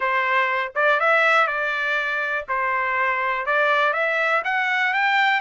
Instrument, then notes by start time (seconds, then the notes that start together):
trumpet
0.00 C5
0.75 D5
1.00 E5
1.47 D5
2.48 C5
3.46 D5
3.93 E5
4.44 F#5
4.93 G5